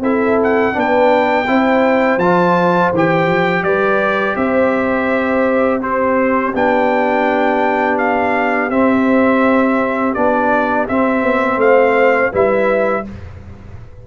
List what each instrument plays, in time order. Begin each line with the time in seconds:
0.00 tuba C4, trombone E4, horn A4, trumpet E5
0.43 trumpet F#5
0.73 tuba B3, trombone D4, horn B4
0.79 trumpet G5
1.47 tuba C4, trombone E4, horn C5
2.17 tuba F3, trombone F4, trumpet A5
2.93 tuba E3, trombone G4, trumpet G5
3.26 tuba F3
3.62 tuba G3, horn B4, trumpet D5
4.36 tuba C4, horn C5, trumpet E5
5.81 trombone C4, horn G4, trumpet C5
6.54 tuba B3, trombone D4, trumpet G5
7.97 trumpet F5
8.70 tuba C4, trombone C4, trumpet E5
10.14 tuba B3, trombone D4, trumpet D5
10.88 trombone C4, tuba C4, trumpet E5
11.22 tuba B3
11.56 tuba A3, horn C5, trumpet F5
12.31 tuba G3, trombone E4, horn B4, trumpet E5